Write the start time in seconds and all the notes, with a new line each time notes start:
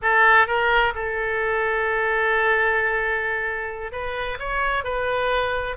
0.02 A4
0.47 A#4
0.95 A4
3.91 B4
4.39 C#5
4.84 B4